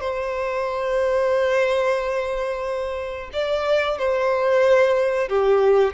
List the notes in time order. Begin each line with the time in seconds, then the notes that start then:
0.00 C5
3.33 D5
3.98 C5
5.28 G4